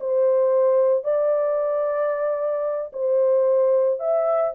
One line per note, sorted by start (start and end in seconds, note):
0.00 1.04 C5
1.04 2.92 D5
2.93 4.00 C5
4.00 4.54 E5